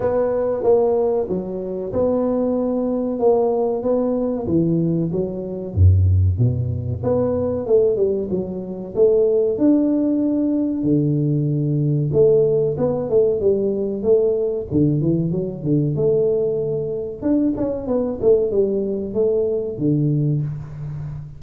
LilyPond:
\new Staff \with { instrumentName = "tuba" } { \time 4/4 \tempo 4 = 94 b4 ais4 fis4 b4~ | b4 ais4 b4 e4 | fis4 fis,4 b,4 b4 | a8 g8 fis4 a4 d'4~ |
d'4 d2 a4 | b8 a8 g4 a4 d8 e8 | fis8 d8 a2 d'8 cis'8 | b8 a8 g4 a4 d4 | }